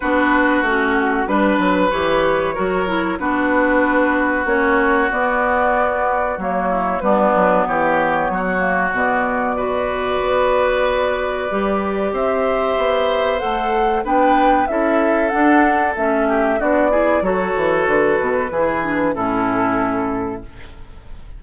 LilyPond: <<
  \new Staff \with { instrumentName = "flute" } { \time 4/4 \tempo 4 = 94 b'4 fis'4 b'4 cis''4~ | cis''4 b'2 cis''4 | d''2 cis''4 b'4 | cis''2 d''2~ |
d''2. e''4~ | e''4 fis''4 g''4 e''4 | fis''4 e''4 d''4 cis''4 | b'2 a'2 | }
  \new Staff \with { instrumentName = "oboe" } { \time 4/4 fis'2 b'2 | ais'4 fis'2.~ | fis'2~ fis'8 e'8 d'4 | g'4 fis'2 b'4~ |
b'2. c''4~ | c''2 b'4 a'4~ | a'4. g'8 fis'8 gis'8 a'4~ | a'4 gis'4 e'2 | }
  \new Staff \with { instrumentName = "clarinet" } { \time 4/4 d'4 cis'4 d'4 g'4 | fis'8 e'8 d'2 cis'4 | b2 ais4 b4~ | b4. ais8 b4 fis'4~ |
fis'2 g'2~ | g'4 a'4 d'4 e'4 | d'4 cis'4 d'8 e'8 fis'4~ | fis'4 e'8 d'8 cis'2 | }
  \new Staff \with { instrumentName = "bassoon" } { \time 4/4 b4 a4 g8 fis8 e4 | fis4 b2 ais4 | b2 fis4 g8 fis8 | e4 fis4 b,2 |
b2 g4 c'4 | b4 a4 b4 cis'4 | d'4 a4 b4 fis8 e8 | d8 b,8 e4 a,2 | }
>>